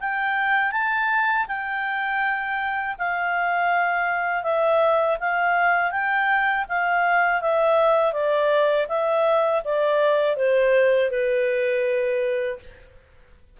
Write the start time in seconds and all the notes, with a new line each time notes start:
0.00 G5
0.72 A5
1.48 G5
2.98 F5
4.43 E5
5.20 F5
5.91 G5
6.69 F5
7.41 E5
8.13 D5
8.89 E5
9.65 D5
10.37 C5
11.11 B4